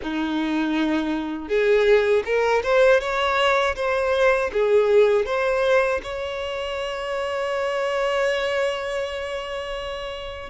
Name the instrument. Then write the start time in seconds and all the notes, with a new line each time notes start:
violin
0.02 D#4
1.48 G#4
2.25 A#4
2.63 C5
3.00 C#5
3.75 C5
4.52 G#4
5.25 C5
6.03 C#5